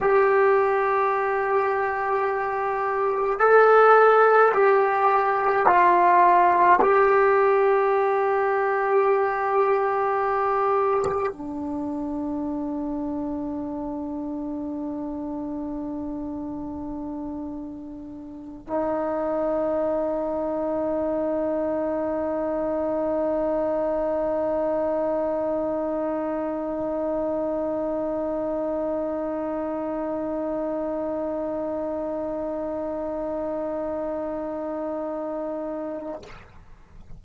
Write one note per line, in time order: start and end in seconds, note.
0.01 3.39 G4
3.39 4.52 A4
4.53 5.66 G4
5.66 6.79 F4
6.81 11.32 G4
11.32 18.67 D4
18.67 36.22 D#4